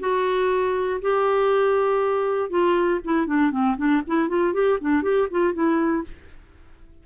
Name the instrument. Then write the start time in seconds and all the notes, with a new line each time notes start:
clarinet
0.00 F#4
1.02 G4
2.50 F4
3.05 E4
3.27 D4
3.51 C4
3.77 D4
4.07 E4
4.29 F4
4.54 G4
4.81 D4
5.03 G4
5.31 F4
5.53 E4